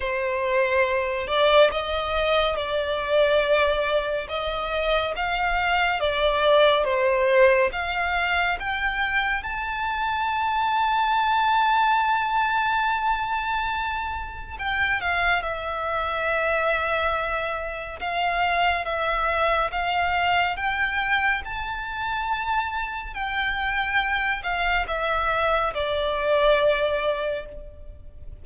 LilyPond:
\new Staff \with { instrumentName = "violin" } { \time 4/4 \tempo 4 = 70 c''4. d''8 dis''4 d''4~ | d''4 dis''4 f''4 d''4 | c''4 f''4 g''4 a''4~ | a''1~ |
a''4 g''8 f''8 e''2~ | e''4 f''4 e''4 f''4 | g''4 a''2 g''4~ | g''8 f''8 e''4 d''2 | }